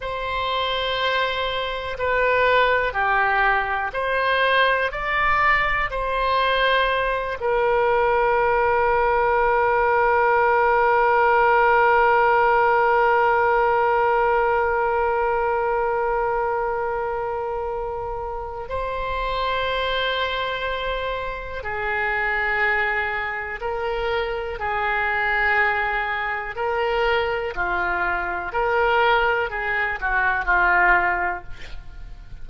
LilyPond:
\new Staff \with { instrumentName = "oboe" } { \time 4/4 \tempo 4 = 61 c''2 b'4 g'4 | c''4 d''4 c''4. ais'8~ | ais'1~ | ais'1~ |
ais'2. c''4~ | c''2 gis'2 | ais'4 gis'2 ais'4 | f'4 ais'4 gis'8 fis'8 f'4 | }